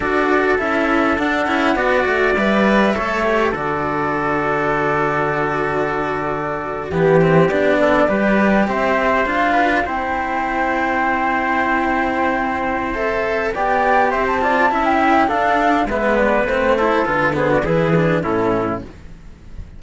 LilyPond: <<
  \new Staff \with { instrumentName = "flute" } { \time 4/4 \tempo 4 = 102 d''4 e''4 fis''2 | e''2 d''2~ | d''2.~ d''8. g'16~ | g'8. d''2 e''4 f''16~ |
f''8. g''2.~ g''16~ | g''2 e''4 g''4 | e''16 a''4 g''8. f''4 e''8 d''8 | c''4 b'8 c''16 d''16 b'4 a'4 | }
  \new Staff \with { instrumentName = "trumpet" } { \time 4/4 a'2. d''4~ | d''4 cis''4 a'2~ | a'2.~ a'8. g'16~ | g'4~ g'16 a'8 b'4 c''4~ c''16~ |
c''16 b'8 c''2.~ c''16~ | c''2. d''4 | c''8 d''8 e''4 a'4 b'4~ | b'8 a'4 gis'16 fis'16 gis'4 e'4 | }
  \new Staff \with { instrumentName = "cello" } { \time 4/4 fis'4 e'4 d'8 e'8 fis'4 | b'4 a'8 g'8 fis'2~ | fis'2.~ fis'8. b16~ | b16 c'8 d'4 g'2 f'16~ |
f'8. e'2.~ e'16~ | e'2 a'4 g'4~ | g'8 f'8 e'4 d'4 b4 | c'8 e'8 f'8 b8 e'8 d'8 cis'4 | }
  \new Staff \with { instrumentName = "cello" } { \time 4/4 d'4 cis'4 d'8 cis'8 b8 a8 | g4 a4 d2~ | d2.~ d8. e16~ | e8. b4 g4 c'4 d'16~ |
d'8. c'2.~ c'16~ | c'2. b4 | c'4 cis'4 d'4 gis4 | a4 d4 e4 a,4 | }
>>